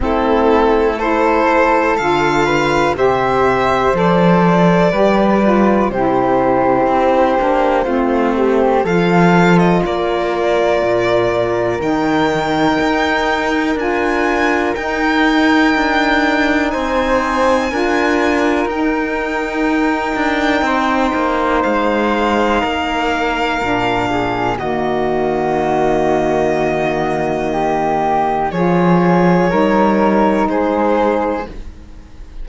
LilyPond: <<
  \new Staff \with { instrumentName = "violin" } { \time 4/4 \tempo 4 = 61 a'4 c''4 f''4 e''4 | d''2 c''2~ | c''4 f''8. dis''16 d''2 | g''2 gis''4 g''4~ |
g''4 gis''2 g''4~ | g''2 f''2~ | f''4 dis''2.~ | dis''4 cis''2 c''4 | }
  \new Staff \with { instrumentName = "flute" } { \time 4/4 e'4 a'4. b'8 c''4~ | c''4 b'4 g'2 | f'8 g'8 a'4 ais'2~ | ais'1~ |
ais'4 c''4 ais'2~ | ais'4 c''2 ais'4~ | ais'8 gis'8 fis'2. | g'4 gis'4 ais'4 gis'4 | }
  \new Staff \with { instrumentName = "saxophone" } { \time 4/4 c'4 e'4 f'4 g'4 | a'4 g'8 f'8 e'4. d'8 | c'4 f'2. | dis'2 f'4 dis'4~ |
dis'2 f'4 dis'4~ | dis'1 | d'4 ais2.~ | ais4 f'4 dis'2 | }
  \new Staff \with { instrumentName = "cello" } { \time 4/4 a2 d4 c4 | f4 g4 c4 c'8 ais8 | a4 f4 ais4 ais,4 | dis4 dis'4 d'4 dis'4 |
d'4 c'4 d'4 dis'4~ | dis'8 d'8 c'8 ais8 gis4 ais4 | ais,4 dis2.~ | dis4 f4 g4 gis4 | }
>>